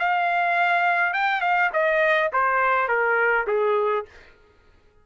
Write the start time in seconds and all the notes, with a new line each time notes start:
0.00 F5
1.14 G5
1.41 F5
1.73 D#5
2.33 C5
2.88 A#4
3.48 G#4